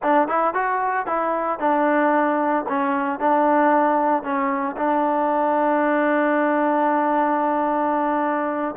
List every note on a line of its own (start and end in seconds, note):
0.02 0.28 D4
0.28 0.53 E4
0.53 1.06 F#4
1.06 1.59 E4
1.59 2.65 D4
2.68 3.19 C#4
3.19 4.23 D4
4.23 4.76 C#4
4.76 8.75 D4